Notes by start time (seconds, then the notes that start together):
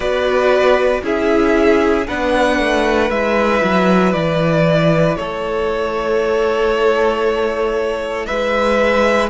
0.00 B3 F#4 B4 D5
1.02 C#4 E4 G#4 E5
2.07 B3 D4 B4 F#5
2.59 A3
3.09 G#3 E4 E5
3.63 F#3
4.12 E3 D5
5.16 A3 A4 C#5
8.26 G#3 B4 E5